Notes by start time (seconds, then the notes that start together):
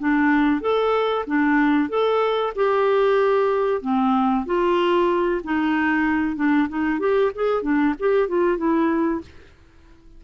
0.00 D4
0.62 A4
1.27 D4
1.89 A4
2.56 G4
3.82 C4
4.46 F4
5.44 D#4
6.36 D4
6.69 D#4
7.00 G4
7.35 G#4
7.63 D4
8.00 G4
8.29 F4
8.58 E4